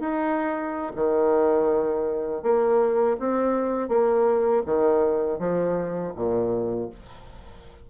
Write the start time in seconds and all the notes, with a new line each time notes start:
0.00 D#4
0.95 D#3
2.43 A#3
3.20 C4
3.89 A#3
4.66 D#3
5.39 F3
6.16 A#2